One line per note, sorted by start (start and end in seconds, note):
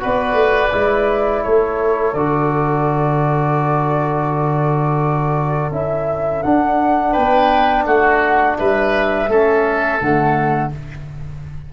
0.00 0.33 B3
0.00 0.71 F#4
0.00 1.43 B4
0.00 1.44 D5
0.33 0.69 A3
0.73 1.46 G#3
0.73 2.16 E4
1.43 2.14 A3
1.43 7.12 A4
1.43 2.14 C#5
2.14 5.71 D3
2.14 5.72 F#4
2.14 5.72 D5
5.71 6.43 C#4
5.71 6.44 E4
5.71 6.43 E5
6.43 9.30 D4
6.43 7.16 D4
6.43 7.14 F#5
7.12 7.86 B3
7.12 7.84 B4
7.12 7.85 G5
7.86 8.57 A3
7.86 8.58 F#4
7.86 8.58 F#5
8.58 9.28 G3
8.58 9.30 B4
8.58 10.00 E5
9.28 10.00 A3
9.28 10.01 C#4
9.28 10.73 A4
10.00 10.73 D3
10.00 10.72 A3
10.00 10.72 F#5